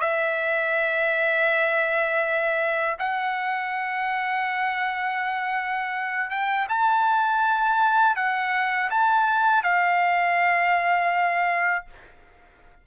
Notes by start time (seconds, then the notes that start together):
0.00 E5
2.98 F#5
6.30 G5
6.68 A5
8.16 F#5
8.90 A5
9.63 F5